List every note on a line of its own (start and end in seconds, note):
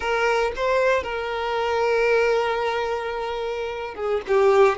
0.00 0.51 A#4
0.56 1.03 C5
1.03 3.94 A#4
3.94 4.21 G#4
4.27 4.78 G4